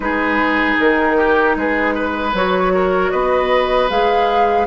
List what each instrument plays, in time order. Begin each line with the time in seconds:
0.00 bassoon G#3, clarinet D#4, oboe G#4, flute B4
0.79 bassoon D#3, flute A#4
1.17 oboe G4
1.56 bassoon G#3, oboe G#4, flute B4
1.94 oboe B4
2.33 bassoon F#3, clarinet F#4, flute C#5
2.74 oboe A#4
3.10 bassoon B3, oboe B4, flute D#5
3.89 bassoon G#3, clarinet G#4, flute F5